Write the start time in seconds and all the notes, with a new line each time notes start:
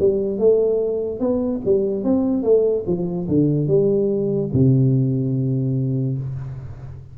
0.00 G3
0.39 A3
1.20 B3
1.66 G3
2.04 C4
2.44 A3
2.87 F3
3.28 D3
3.68 G3
4.54 C3